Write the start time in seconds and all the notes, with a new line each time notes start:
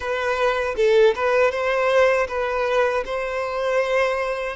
0.00 B4
0.76 A4
1.15 B4
1.51 C5
2.28 B4
3.05 C5